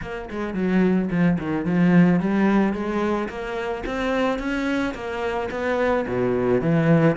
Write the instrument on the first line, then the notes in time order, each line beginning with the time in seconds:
cello
0.02 A#3
0.30 G#3
0.54 F#3
1.10 F3
1.38 D#3
1.65 F3
2.19 G3
2.73 G#3
3.28 A#3
3.85 C4
4.38 C#4
4.94 A#3
5.50 B3
6.07 B2
6.61 E3